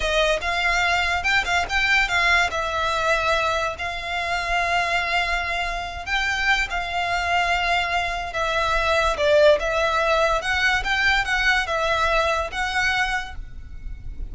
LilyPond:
\new Staff \with { instrumentName = "violin" } { \time 4/4 \tempo 4 = 144 dis''4 f''2 g''8 f''8 | g''4 f''4 e''2~ | e''4 f''2.~ | f''2~ f''8 g''4. |
f''1 | e''2 d''4 e''4~ | e''4 fis''4 g''4 fis''4 | e''2 fis''2 | }